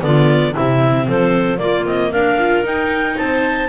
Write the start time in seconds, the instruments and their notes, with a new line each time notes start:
0.00 double bass D3, viola B3, clarinet F4 D5
0.52 viola C4, clarinet E4 E5
0.58 double bass C3
1.06 double bass F3, clarinet A4 C5
1.57 viola A#3, double bass A#3, clarinet F4 D5
1.86 double bass C4, clarinet D#5
2.10 double bass D4, clarinet A#4 F5
2.39 viola F4
2.63 double bass D#4, viola D#4, clarinet G5
3.18 double bass C4, clarinet C5 A5